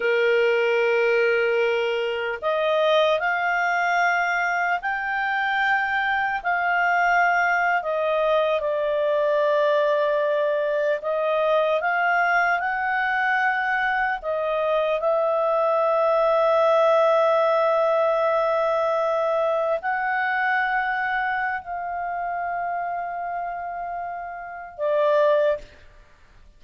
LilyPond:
\new Staff \with { instrumentName = "clarinet" } { \time 4/4 \tempo 4 = 75 ais'2. dis''4 | f''2 g''2 | f''4.~ f''16 dis''4 d''4~ d''16~ | d''4.~ d''16 dis''4 f''4 fis''16~ |
fis''4.~ fis''16 dis''4 e''4~ e''16~ | e''1~ | e''8. fis''2~ fis''16 f''4~ | f''2. d''4 | }